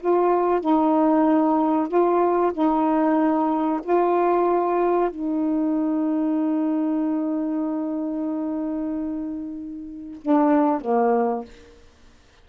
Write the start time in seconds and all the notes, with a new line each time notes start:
0.00 F4
0.61 D#4
1.88 F4
2.53 D#4
3.83 F4
5.10 D#4
10.21 D4
10.81 A#3